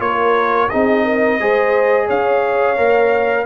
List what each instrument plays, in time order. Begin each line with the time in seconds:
0.00 tuba A#3, trombone F4, horn A#4, trumpet C#5
0.70 tuba C4, trombone D#4, horn G#4, trumpet D#5
1.05 horn A#4
1.40 tuba G#3, trombone G#4, horn C5
2.07 tuba C#4, horn C#5, trumpet F5
2.77 tuba A#3, trombone A#4